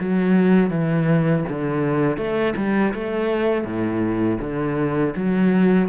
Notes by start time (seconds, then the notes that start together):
0.00 F#3
0.70 E3
1.49 D3
2.17 A3
2.57 G3
2.94 A3
3.64 A2
4.40 D3
5.15 F#3